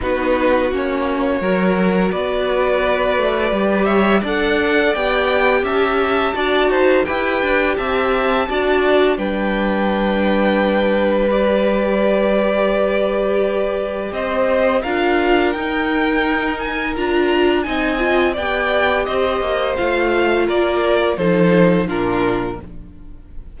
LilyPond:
<<
  \new Staff \with { instrumentName = "violin" } { \time 4/4 \tempo 4 = 85 b'4 cis''2 d''4~ | d''4. e''8 fis''4 g''4 | a''2 g''4 a''4~ | a''4 g''2. |
d''1 | dis''4 f''4 g''4. gis''8 | ais''4 gis''4 g''4 dis''4 | f''4 d''4 c''4 ais'4 | }
  \new Staff \with { instrumentName = "violin" } { \time 4/4 fis'2 ais'4 b'4~ | b'4. cis''8 d''2 | e''4 d''8 c''8 b'4 e''4 | d''4 b'2.~ |
b'1 | c''4 ais'2.~ | ais'4 dis''4 d''4 c''4~ | c''4 ais'4 a'4 f'4 | }
  \new Staff \with { instrumentName = "viola" } { \time 4/4 dis'4 cis'4 fis'2~ | fis'4 g'4 a'4 g'4~ | g'4 fis'4 g'2 | fis'4 d'2. |
g'1~ | g'4 f'4 dis'2 | f'4 dis'8 f'8 g'2 | f'2 dis'4 d'4 | }
  \new Staff \with { instrumentName = "cello" } { \time 4/4 b4 ais4 fis4 b4~ | b8 a8 g4 d'4 b4 | cis'4 d'8 dis'8 e'8 d'8 c'4 | d'4 g2.~ |
g1 | c'4 d'4 dis'2 | d'4 c'4 b4 c'8 ais8 | a4 ais4 f4 ais,4 | }
>>